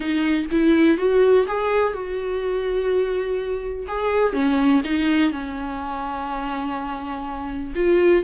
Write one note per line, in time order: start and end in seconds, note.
0.00 0.46 D#4
0.51 0.97 E4
0.97 1.46 F#4
1.47 1.93 G#4
1.93 3.86 F#4
3.87 4.33 G#4
4.33 4.81 C#4
4.84 5.31 D#4
5.31 7.73 C#4
7.75 8.23 F4